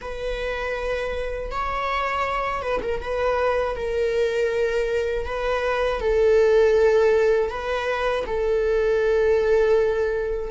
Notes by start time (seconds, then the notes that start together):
0.01 B4
1.51 C#5
2.62 B4
2.82 A#4
3.00 B4
3.76 A#4
5.25 B4
6.00 A4
7.50 B4
8.26 A4